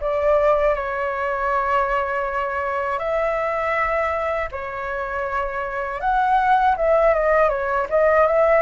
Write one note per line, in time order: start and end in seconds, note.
0.00 0.74 D5
0.74 2.99 C#5
2.99 4.49 E5
4.51 6.00 C#5
6.00 6.75 F#5
6.76 7.14 E5
7.14 7.49 D#5
7.49 7.86 C#5
7.89 8.26 D#5
8.26 8.62 E5